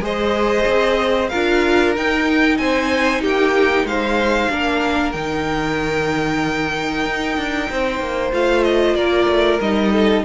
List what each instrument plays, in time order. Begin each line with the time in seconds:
0.00 cello G#3, viola G#4, violin C5 D#5
0.67 cello C4
1.28 cello D4, viola F4, violin A#4 F5
1.95 viola D#4, cello D#4, violin G5
2.57 cello C4, violin C5 G#5
3.21 cello A#3, violin G4 G5
3.83 cello G#3, violin C5 F5
4.49 cello A#3, viola D4, violin A#4
5.11 cello D#3, viola D#4, violin G5
7.05 cello D#4
7.36 cello D4
7.70 cello C4, violin C5
7.99 cello A#3
8.32 cello A3, viola F4, violin F5
8.63 violin D#5
8.94 cello A#3, violin A#4 D5
9.27 cello A3
9.60 cello G3, viola D#4, violin D#5
9.92 violin A4